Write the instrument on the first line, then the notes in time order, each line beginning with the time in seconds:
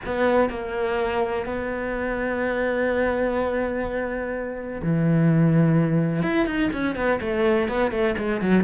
cello
0.05 B3
0.49 A#3
1.45 B3
4.82 E3
6.22 E4
6.46 D#4
6.72 C#4
6.95 B3
7.20 A3
7.68 B3
7.91 A3
8.18 G#3
8.41 F#3